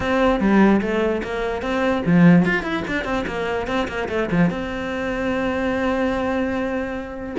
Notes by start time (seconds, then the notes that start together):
0.00 C4
0.40 G3
0.81 A3
1.23 A#3
1.62 C4
2.06 F3
2.45 F4
2.62 E4
2.87 D4
3.04 C4
3.26 A#3
3.67 C4
3.88 A#3
4.09 A3
4.31 F3
4.50 C4